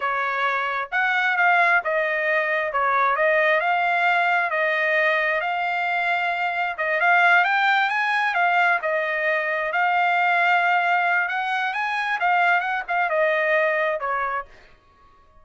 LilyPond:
\new Staff \with { instrumentName = "trumpet" } { \time 4/4 \tempo 4 = 133 cis''2 fis''4 f''4 | dis''2 cis''4 dis''4 | f''2 dis''2 | f''2. dis''8 f''8~ |
f''8 g''4 gis''4 f''4 dis''8~ | dis''4. f''2~ f''8~ | f''4 fis''4 gis''4 f''4 | fis''8 f''8 dis''2 cis''4 | }